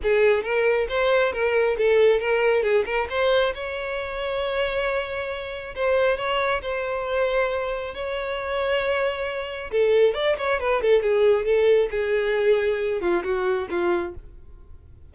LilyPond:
\new Staff \with { instrumentName = "violin" } { \time 4/4 \tempo 4 = 136 gis'4 ais'4 c''4 ais'4 | a'4 ais'4 gis'8 ais'8 c''4 | cis''1~ | cis''4 c''4 cis''4 c''4~ |
c''2 cis''2~ | cis''2 a'4 d''8 cis''8 | b'8 a'8 gis'4 a'4 gis'4~ | gis'4. f'8 fis'4 f'4 | }